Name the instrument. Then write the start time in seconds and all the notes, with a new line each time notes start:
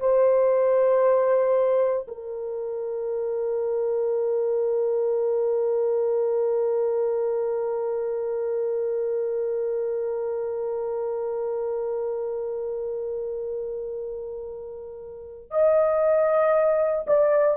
horn
0.00 C5
2.08 A#4
15.51 D#5
17.07 D5